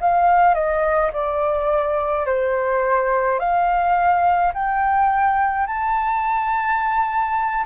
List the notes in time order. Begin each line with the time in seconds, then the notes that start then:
0.00 F5
0.54 D#5
1.13 D5
2.26 C5
3.39 F5
4.53 G5
5.67 A5